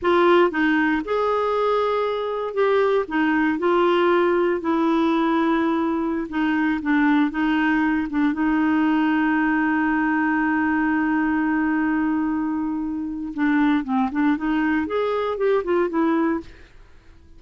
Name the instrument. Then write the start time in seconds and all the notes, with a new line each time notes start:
clarinet
0.01 F4
0.50 D#4
1.04 G#4
2.54 G4
3.08 D#4
3.59 F4
4.60 E4
6.29 D#4
6.82 D4
7.30 D#4
8.10 D4
8.33 D#4
13.34 D4
13.83 C4
14.11 D4
14.37 D#4
14.86 G#4
15.37 G4
15.63 F4
15.89 E4